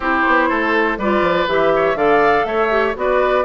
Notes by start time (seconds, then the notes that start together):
0.00 C4 E4 G4 C5
0.26 B3
0.48 A3 A4
0.97 G3 F4 B4 D5
1.21 F3
1.47 E3 G4 E5
1.75 C#5
1.94 D3 A4 D5 F5
2.44 A3 C#5 E5
2.69 G4
2.95 B3 F#4 B4 D5